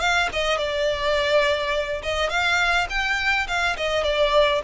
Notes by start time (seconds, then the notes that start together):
0.00 F5
0.33 D#5
0.58 D5
2.03 D#5
2.29 F5
2.90 G5
3.47 F5
3.77 D#5
4.04 D5